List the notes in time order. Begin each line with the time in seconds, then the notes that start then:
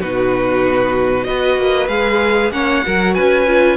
0.00 B2 D#4 F#4 B4
1.25 B3 F#4 B4 D#5
1.58 A#3
1.88 G#3 G#4 F5
2.51 A#3 C#4 C#5 F#5
2.86 F#3 F#4 A#4
3.14 C#4 B4 G#5
3.47 F4